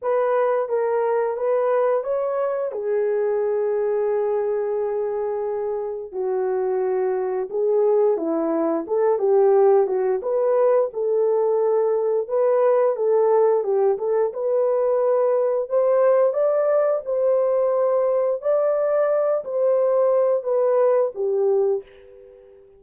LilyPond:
\new Staff \with { instrumentName = "horn" } { \time 4/4 \tempo 4 = 88 b'4 ais'4 b'4 cis''4 | gis'1~ | gis'4 fis'2 gis'4 | e'4 a'8 g'4 fis'8 b'4 |
a'2 b'4 a'4 | g'8 a'8 b'2 c''4 | d''4 c''2 d''4~ | d''8 c''4. b'4 g'4 | }